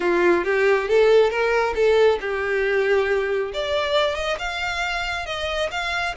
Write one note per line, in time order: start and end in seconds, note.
0.00 0.44 F4
0.44 0.88 G4
0.88 1.30 A4
1.30 1.74 A#4
1.75 2.19 A4
2.21 3.52 G4
3.53 4.15 D5
4.15 4.37 D#5
4.38 5.26 F5
5.26 5.69 D#5
5.71 6.15 F5